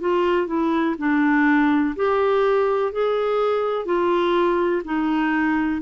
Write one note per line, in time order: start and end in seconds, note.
0.00 0.47 F4
0.47 0.95 E4
0.98 1.95 D4
1.96 2.92 G4
2.92 3.85 G#4
3.85 4.82 F4
4.84 5.81 D#4